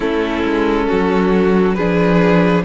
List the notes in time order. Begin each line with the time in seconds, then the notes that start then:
0.00 A3 C#4 E4 A4
0.43 G#3
0.87 F#3 F#4
1.74 F3 D4 G#4 B4